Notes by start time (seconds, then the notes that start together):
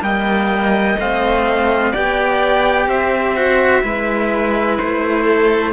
0.00 G3 A#3 D#5 G5
0.98 A3 C4 F5
1.92 B3 G4 D5 G5
2.87 C4 C5 E5
3.36 F#4
3.83 G#3 E4 B4
4.79 A3 C5
5.24 A4